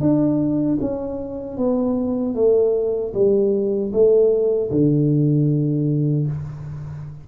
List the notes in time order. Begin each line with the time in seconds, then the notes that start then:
0.00 D4
0.80 C#4
1.57 B3
2.34 A3
3.13 G3
3.92 A3
4.70 D3